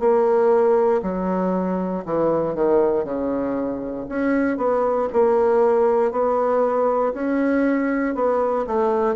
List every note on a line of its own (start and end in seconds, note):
0.00 1.02 A#3
1.03 2.05 F#3
2.06 2.55 E3
2.55 3.05 D#3
3.05 4.06 C#3
4.09 4.58 C#4
4.58 5.08 B3
5.13 6.12 A#3
6.12 7.13 B3
7.14 8.15 C#4
8.15 8.66 B3
8.67 9.16 A3